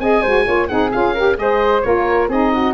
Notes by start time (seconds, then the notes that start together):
0.00 C4 G#4 D#5 G#5
0.22 G#3 F#4 C5
0.46 A#3 F4 C#5
0.68 C4 D#4 G#4 F#5
0.92 C#4 F4 F5
1.14 G4 A#4
1.36 G#3 G#4 C5 D#5
1.82 A#3 F4 A#4 C#5
2.29 C4 D#4 G#4 D#5
2.53 F#4